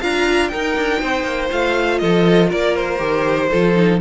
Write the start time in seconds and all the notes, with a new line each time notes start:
0.00 D4 F4 F5 A#5
0.48 D#4 A#4 G5
0.76 D4
1.00 C4 C5
1.23 A#3
1.49 A3 F4 F5
1.98 F3 A4 D#5
2.49 A#3 A#4 D5
2.75 C5
2.97 D#3 G4
3.50 F3 F4 A4
3.74 D#4